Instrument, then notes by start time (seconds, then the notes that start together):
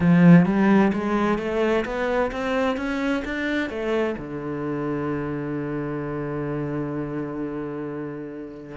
cello
0.00 F3
0.45 G3
0.92 G#3
1.38 A3
1.85 B3
2.31 C4
2.77 C#4
3.24 D4
3.69 A3
4.18 D3